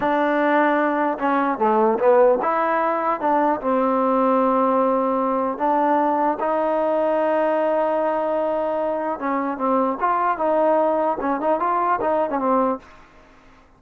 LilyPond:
\new Staff \with { instrumentName = "trombone" } { \time 4/4 \tempo 4 = 150 d'2. cis'4 | a4 b4 e'2 | d'4 c'2.~ | c'2 d'2 |
dis'1~ | dis'2. cis'4 | c'4 f'4 dis'2 | cis'8 dis'8 f'4 dis'8. cis'16 c'4 | }